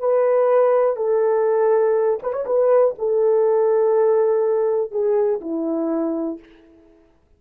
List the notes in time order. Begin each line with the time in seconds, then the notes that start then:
0.00 B4
0.97 A4
2.23 B4
2.33 C#5
2.46 B4
2.99 A4
4.92 G#4
5.41 E4